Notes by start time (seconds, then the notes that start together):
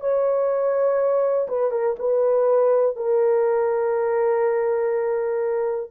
0.00 C#5
1.48 B4
1.71 A#4
1.99 B4
2.96 A#4